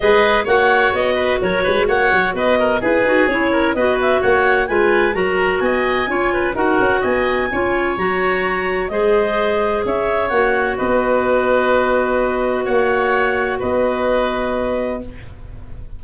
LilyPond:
<<
  \new Staff \with { instrumentName = "clarinet" } { \time 4/4 \tempo 4 = 128 dis''4 fis''4 dis''4 cis''4 | fis''4 dis''4 b'4 cis''4 | dis''8 e''8 fis''4 gis''4 ais''4 | gis''2 fis''4 gis''4~ |
gis''4 ais''2 dis''4~ | dis''4 e''4 fis''4 dis''4~ | dis''2. fis''4~ | fis''4 dis''2. | }
  \new Staff \with { instrumentName = "oboe" } { \time 4/4 b'4 cis''4. b'8 ais'8 b'8 | cis''4 b'8 ais'8 gis'4. ais'8 | b'4 cis''4 b'4 ais'4 | dis''4 cis''8 b'8 ais'4 dis''4 |
cis''2. c''4~ | c''4 cis''2 b'4~ | b'2. cis''4~ | cis''4 b'2. | }
  \new Staff \with { instrumentName = "clarinet" } { \time 4/4 gis'4 fis'2.~ | fis'2 gis'8 fis'8 e'4 | fis'2 f'4 fis'4~ | fis'4 f'4 fis'2 |
f'4 fis'2 gis'4~ | gis'2 fis'2~ | fis'1~ | fis'1 | }
  \new Staff \with { instrumentName = "tuba" } { \time 4/4 gis4 ais4 b4 fis8 gis8 | ais8 fis8 b4 e'8 dis'8 cis'4 | b4 ais4 gis4 fis4 | b4 cis'4 dis'8 cis'8 b4 |
cis'4 fis2 gis4~ | gis4 cis'4 ais4 b4~ | b2. ais4~ | ais4 b2. | }
>>